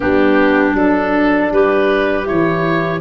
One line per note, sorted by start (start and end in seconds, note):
0.00 0.73 G3
0.00 0.74 B3
0.00 1.51 D4
0.00 0.76 G4
0.73 1.49 F#3
0.73 2.25 D4
0.73 1.52 A4
1.51 2.27 G3
1.51 3.00 G4
1.51 2.27 B4
2.25 3.00 E3
2.25 3.00 E4
2.25 3.00 C#5